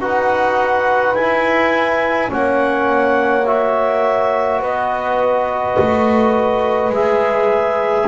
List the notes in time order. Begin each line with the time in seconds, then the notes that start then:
0.00 D#4 F#4 B4 F#5
1.15 E4 G#5
2.28 A#3 C#4 C#5 F#5
3.46 F#4 E5
4.59 B3 B4 D#5
5.79 A3
6.90 G#3 G#4 E5